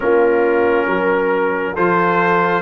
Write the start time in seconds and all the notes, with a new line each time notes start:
0.00 A#3 C#4 F4 A#4
0.86 F#3 A#4
1.74 F3 F4 A4 C5